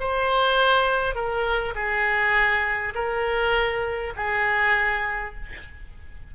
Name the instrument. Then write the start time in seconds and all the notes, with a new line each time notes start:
oboe
0.00 C5
1.15 A#4
1.75 G#4
2.95 A#4
4.16 G#4